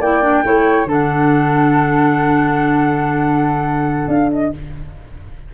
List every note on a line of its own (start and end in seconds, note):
0.00 0.43 A#3
0.00 0.22 E4
0.00 0.43 D5
0.00 0.87 G5
0.22 0.43 D4
0.44 0.85 A3
0.44 0.87 E4
0.44 0.88 C#5
0.85 4.07 D3
0.85 4.52 D4
0.85 4.53 A4
0.92 4.09 F#5
4.08 4.50 D4
4.08 4.31 F5
4.32 4.54 D#5